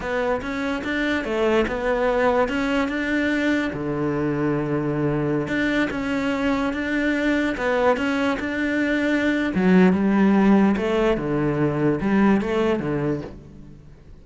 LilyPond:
\new Staff \with { instrumentName = "cello" } { \time 4/4 \tempo 4 = 145 b4 cis'4 d'4 a4 | b2 cis'4 d'4~ | d'4 d2.~ | d4~ d16 d'4 cis'4.~ cis'16~ |
cis'16 d'2 b4 cis'8.~ | cis'16 d'2~ d'8. fis4 | g2 a4 d4~ | d4 g4 a4 d4 | }